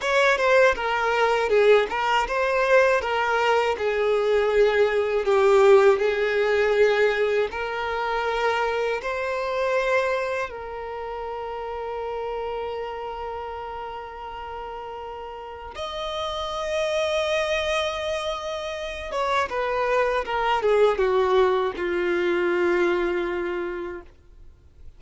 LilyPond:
\new Staff \with { instrumentName = "violin" } { \time 4/4 \tempo 4 = 80 cis''8 c''8 ais'4 gis'8 ais'8 c''4 | ais'4 gis'2 g'4 | gis'2 ais'2 | c''2 ais'2~ |
ais'1~ | ais'4 dis''2.~ | dis''4. cis''8 b'4 ais'8 gis'8 | fis'4 f'2. | }